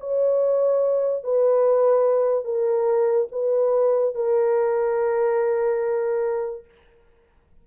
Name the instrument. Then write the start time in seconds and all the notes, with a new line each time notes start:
horn
0.00 C#5
1.24 B4
2.44 A#4
3.32 B4
4.15 A#4